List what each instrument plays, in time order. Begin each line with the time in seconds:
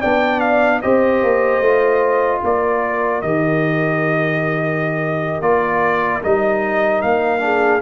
0.00 tuba B3, trombone D4, horn D5, trumpet G5
0.40 trumpet F5
0.81 tuba C4, trombone G4, horn C5, trumpet D#5
1.23 tuba A#3
1.60 tuba A3, trombone F4
2.41 tuba A#3, horn A#4, trumpet D5
3.21 tuba D#3, trombone G4, trumpet D#5
5.41 tuba A#3, trombone F4, trumpet D5
6.22 tuba G3, trombone D#4, trumpet D#5
7.01 tuba A#3, trumpet F5
7.39 trombone D4, horn G#4